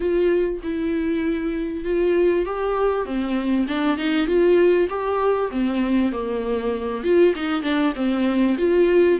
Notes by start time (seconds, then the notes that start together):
0.00 F4
0.63 E4
1.84 F4
2.45 G4
3.05 C4
3.67 D4
3.97 D#4
4.27 F4
4.89 G4
5.50 C4
6.11 A#3
7.03 F4
7.35 D#4
7.62 D4
7.95 C4
8.58 F4